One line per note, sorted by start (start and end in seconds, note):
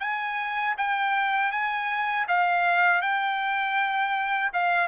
0.00 0.75 G#5
0.78 1.52 G5
1.52 2.27 G#5
2.28 3.02 F5
3.02 4.52 G5
4.53 4.88 F5